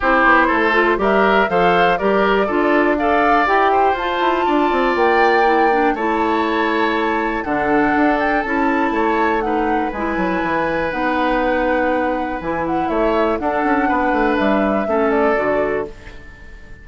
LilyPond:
<<
  \new Staff \with { instrumentName = "flute" } { \time 4/4 \tempo 4 = 121 c''2 e''4 f''4 | d''2 f''4 g''4 | a''2 g''2 | a''2. fis''4~ |
fis''8 g''8 a''2 fis''4 | gis''2 fis''2~ | fis''4 gis''8 fis''8 e''4 fis''4~ | fis''4 e''4. d''4. | }
  \new Staff \with { instrumentName = "oboe" } { \time 4/4 g'4 a'4 ais'4 c''4 | ais'4 a'4 d''4. c''8~ | c''4 d''2. | cis''2. a'4~ |
a'2 cis''4 b'4~ | b'1~ | b'2 cis''4 a'4 | b'2 a'2 | }
  \new Staff \with { instrumentName = "clarinet" } { \time 4/4 e'4. f'8 g'4 a'4 | g'4 f'4 a'4 g'4 | f'2. e'8 d'8 | e'2. d'4~ |
d'4 e'2 dis'4 | e'2 dis'2~ | dis'4 e'2 d'4~ | d'2 cis'4 fis'4 | }
  \new Staff \with { instrumentName = "bassoon" } { \time 4/4 c'8 b8 a4 g4 f4 | g4 d'2 e'4 | f'8 e'8 d'8 c'8 ais2 | a2. d4 |
d'4 cis'4 a2 | gis8 fis8 e4 b2~ | b4 e4 a4 d'8 cis'8 | b8 a8 g4 a4 d4 | }
>>